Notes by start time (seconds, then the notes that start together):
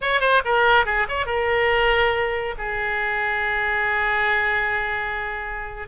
0.01 C#5
0.20 C5
0.44 A#4
0.85 G#4
1.08 C#5
1.26 A#4
2.58 G#4